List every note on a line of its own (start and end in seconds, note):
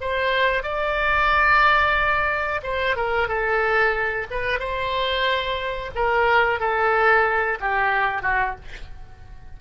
0.00 0.63 C5
0.63 2.60 D5
2.63 2.96 C5
2.96 3.28 A#4
3.28 4.26 A4
4.30 4.59 B4
4.59 5.91 C5
5.95 6.59 A#4
6.59 7.58 A4
7.59 8.22 G4
8.22 8.55 F#4